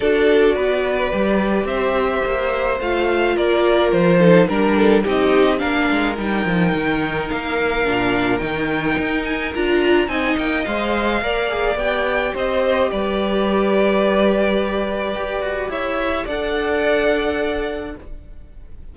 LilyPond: <<
  \new Staff \with { instrumentName = "violin" } { \time 4/4 \tempo 4 = 107 d''2. e''4~ | e''4 f''4 d''4 c''4 | ais'4 dis''4 f''4 g''4~ | g''4 f''2 g''4~ |
g''8 gis''8 ais''4 gis''8 g''8 f''4~ | f''4 g''4 dis''4 d''4~ | d''1 | e''4 fis''2. | }
  \new Staff \with { instrumentName = "violin" } { \time 4/4 a'4 b'2 c''4~ | c''2 ais'4. a'8 | ais'8 a'8 g'4 ais'2~ | ais'1~ |
ais'2 dis''2 | d''2 c''4 b'4~ | b'1 | cis''4 d''2. | }
  \new Staff \with { instrumentName = "viola" } { \time 4/4 fis'2 g'2~ | g'4 f'2~ f'8 dis'8 | d'4 dis'4 d'4 dis'4~ | dis'2 d'4 dis'4~ |
dis'4 f'4 dis'4 c''4 | ais'8 gis'8 g'2.~ | g'1~ | g'4 a'2. | }
  \new Staff \with { instrumentName = "cello" } { \time 4/4 d'4 b4 g4 c'4 | ais4 a4 ais4 f4 | g4 c'4 ais8 gis8 g8 f8 | dis4 ais4 ais,4 dis4 |
dis'4 d'4 c'8 ais8 gis4 | ais4 b4 c'4 g4~ | g2. g'8 fis'8 | e'4 d'2. | }
>>